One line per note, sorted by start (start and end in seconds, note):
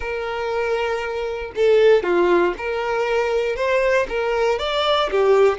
0.00 1.52 A#4
1.55 2.03 A4
2.03 2.54 F4
2.57 3.55 A#4
3.55 4.06 C5
4.08 4.59 A#4
4.59 5.09 D5
5.11 5.58 G4